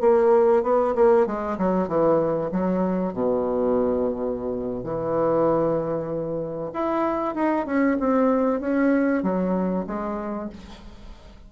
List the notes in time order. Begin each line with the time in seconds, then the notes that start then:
0.00 A#3
0.62 B3
0.95 A#3
1.26 G#3
1.57 F#3
1.88 E3
2.51 F#3
3.13 B2
4.83 E3
6.73 E4
7.34 D#4
7.66 C#4
7.99 C4
8.60 C#4
9.22 F#3
9.87 G#3